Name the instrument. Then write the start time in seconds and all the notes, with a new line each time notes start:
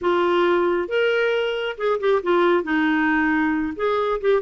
clarinet
0.01 F4
0.88 A#4
1.77 G#4
2.00 G4
2.22 F4
2.63 D#4
3.76 G#4
4.20 G4